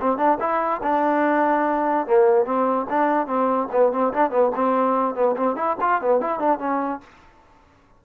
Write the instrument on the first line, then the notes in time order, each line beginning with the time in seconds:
trombone
0.00 C4
0.17 D4
0.39 E4
0.82 D4
2.07 A#3
2.45 C4
2.89 D4
3.26 C4
3.71 B3
3.92 C4
4.13 D4
4.30 B3
4.55 C4
5.15 B3
5.36 C4
5.55 E4
5.81 F4
6.01 B3
6.21 E4
6.39 D4
6.58 C#4